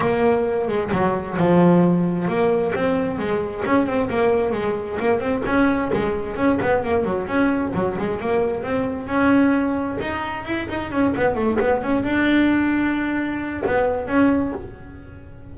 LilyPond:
\new Staff \with { instrumentName = "double bass" } { \time 4/4 \tempo 4 = 132 ais4. gis8 fis4 f4~ | f4 ais4 c'4 gis4 | cis'8 c'8 ais4 gis4 ais8 c'8 | cis'4 gis4 cis'8 b8 ais8 fis8 |
cis'4 fis8 gis8 ais4 c'4 | cis'2 dis'4 e'8 dis'8 | cis'8 b8 a8 b8 cis'8 d'4.~ | d'2 b4 cis'4 | }